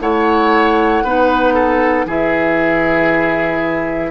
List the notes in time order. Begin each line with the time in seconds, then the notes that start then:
0.00 A3 E4 C#5 F#5
1.02 B3 D#4 B4
1.53 A4
2.05 E3 E4 G#4 E5